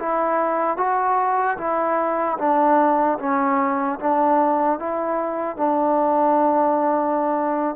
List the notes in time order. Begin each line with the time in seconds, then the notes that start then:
0.00 E4
0.77 F#4
1.58 E4
2.39 D4
3.20 C#4
4.00 D4
4.80 E4
5.57 D4